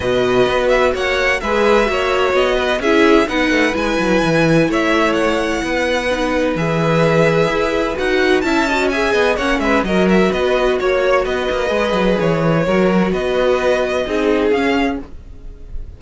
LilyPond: <<
  \new Staff \with { instrumentName = "violin" } { \time 4/4 \tempo 4 = 128 dis''4. e''8 fis''4 e''4~ | e''4 dis''4 e''4 fis''4 | gis''2 e''4 fis''4~ | fis''2 e''2~ |
e''4 fis''4 a''4 gis''4 | fis''8 e''8 dis''8 e''8 dis''4 cis''4 | dis''2 cis''2 | dis''2. f''4 | }
  \new Staff \with { instrumentName = "violin" } { \time 4/4 b'2 cis''4 b'4 | cis''4. b'8 gis'4 b'4~ | b'2 cis''2 | b'1~ |
b'2 e''8 dis''8 e''8 dis''8 | cis''8 b'8 ais'4 b'4 cis''4 | b'2. ais'4 | b'2 gis'2 | }
  \new Staff \with { instrumentName = "viola" } { \time 4/4 fis'2. gis'4 | fis'2 e'4 dis'4 | e'1~ | e'4 dis'4 gis'2~ |
gis'4 fis'4 e'8 fis'8 gis'4 | cis'4 fis'2.~ | fis'4 gis'2 fis'4~ | fis'2 dis'4 cis'4 | }
  \new Staff \with { instrumentName = "cello" } { \time 4/4 b,4 b4 ais4 gis4 | ais4 b4 cis'4 b8 a8 | gis8 fis8 e4 a2 | b2 e2 |
e'4 dis'4 cis'4. b8 | ais8 gis8 fis4 b4 ais4 | b8 ais8 gis8 fis8 e4 fis4 | b2 c'4 cis'4 | }
>>